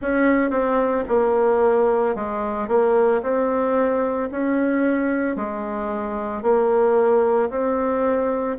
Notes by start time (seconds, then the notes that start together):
0.01 C#4
0.50 C4
1.08 A#3
2.15 G#3
2.68 A#3
3.22 C4
4.31 C#4
5.36 G#3
6.42 A#3
7.50 C4